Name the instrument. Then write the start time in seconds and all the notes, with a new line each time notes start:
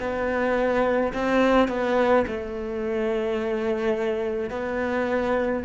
cello
0.00 B3
1.13 C4
1.68 B3
2.27 A3
4.50 B3